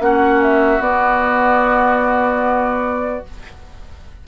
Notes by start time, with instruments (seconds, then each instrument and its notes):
0.00 bassoon A#3, clarinet C#4, oboe F#4, flute F#5
0.43 flute E5
0.80 bassoon B3, clarinet B3, flute D5